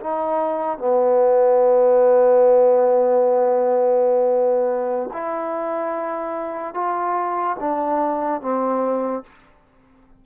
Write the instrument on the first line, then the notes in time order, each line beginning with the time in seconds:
trombone
0.00 D#4
0.78 B3
5.13 E4
6.74 F4
7.60 D4
8.41 C4